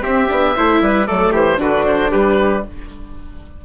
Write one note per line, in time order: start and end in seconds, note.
0.00 0.26 C4
0.00 0.29 C4
0.00 0.55 G4
0.00 1.06 E5
0.28 0.57 B3
0.28 0.54 D4
0.56 0.81 A3
0.56 1.07 E4
0.56 0.82 C5
0.81 1.07 G3
0.81 1.07 B4
1.06 1.31 F#3
1.06 1.57 A3
1.06 1.32 A4
1.06 1.32 D5
1.31 1.57 E3
1.31 1.58 G4
1.31 1.60 C5
1.57 2.11 D3
1.57 2.61 D4
1.57 2.11 F#4
1.57 1.85 B4
1.85 2.11 C5
2.11 2.65 G3
2.11 2.63 G4
2.11 2.63 B4